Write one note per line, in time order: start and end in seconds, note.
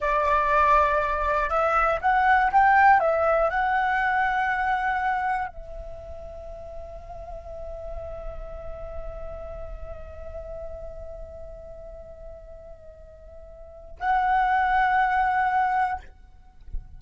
0.00 1.49 D5
1.49 1.99 E5
2.01 2.51 F#5
2.51 3.00 G5
3.00 3.50 E5
3.50 5.47 F#5
5.47 13.97 E5
14.00 16.00 F#5